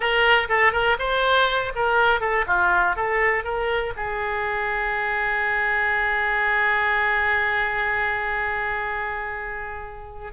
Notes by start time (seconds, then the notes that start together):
0.00 A#4
0.48 A4
0.72 A#4
0.99 C5
1.75 A#4
2.20 A4
2.46 F4
2.96 A4
3.43 A#4
3.96 G#4